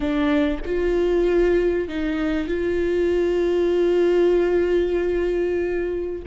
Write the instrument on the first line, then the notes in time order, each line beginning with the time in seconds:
viola
0.00 D4
0.65 F4
1.88 D#4
2.47 F4